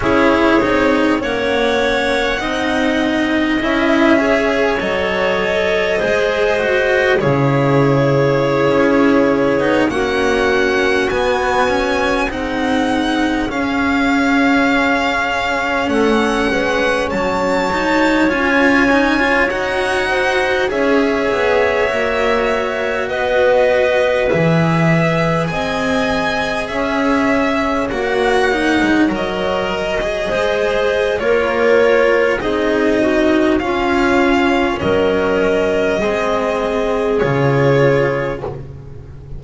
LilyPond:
<<
  \new Staff \with { instrumentName = "violin" } { \time 4/4 \tempo 4 = 50 cis''4 fis''2 e''4 | dis''2 cis''2~ | cis''16 fis''4 gis''4 fis''4 f''8.~ | f''4~ f''16 fis''4 a''4 gis''8.~ |
gis''16 fis''4 e''2 dis''8.~ | dis''16 e''4 gis''4 e''4 fis''8.~ | fis''16 dis''4.~ dis''16 cis''4 dis''4 | f''4 dis''2 cis''4 | }
  \new Staff \with { instrumentName = "clarinet" } { \time 4/4 gis'4 cis''4 dis''4. cis''8~ | cis''4 c''4 gis'2~ | gis'16 fis'2 gis'4.~ gis'16~ | gis'4~ gis'16 a'8 b'8 cis''4.~ cis''16~ |
cis''8. c''8 cis''2 b'8.~ | b'4~ b'16 dis''4 cis''4.~ cis''16~ | cis''4~ cis''16 c''8. ais'4 gis'8 fis'8 | f'4 ais'4 gis'2 | }
  \new Staff \with { instrumentName = "cello" } { \time 4/4 e'8 dis'8 cis'4 dis'4 e'8 gis'8 | a'4 gis'8 fis'8 e'2 | dis'16 cis'4 b8 cis'8 dis'4 cis'8.~ | cis'2~ cis'8. dis'8 f'8 dis'16 |
f'16 fis'4 gis'4 fis'4.~ fis'16~ | fis'16 gis'2. fis'8 dis'16~ | dis'16 ais'8. gis'4 f'4 dis'4 | cis'2 c'4 f'4 | }
  \new Staff \with { instrumentName = "double bass" } { \time 4/4 cis'8 c'8 ais4 c'4 cis'4 | fis4 gis4 cis4~ cis16 cis'8. | b16 ais4 b4 c'4 cis'8.~ | cis'4~ cis'16 a8 gis8 fis4 cis'8.~ |
cis'16 dis'4 cis'8 b8 ais4 b8.~ | b16 e4 c'4 cis'4 ais8. | gis16 fis4 gis8. ais4 c'4 | cis'4 fis4 gis4 cis4 | }
>>